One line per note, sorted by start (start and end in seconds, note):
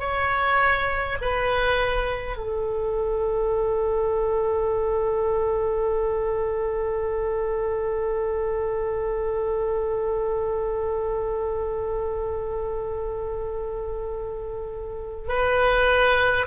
0.00 1.18 C#5
1.21 2.37 B4
2.37 15.28 A4
15.28 16.46 B4